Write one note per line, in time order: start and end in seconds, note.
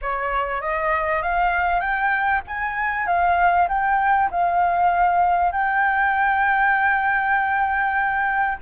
0.01 0.61 C#5
0.61 1.22 D#5
1.22 1.80 F5
1.80 2.41 G5
2.47 3.06 G#5
3.06 3.68 F5
3.68 4.29 G5
4.30 5.51 F5
5.51 8.57 G5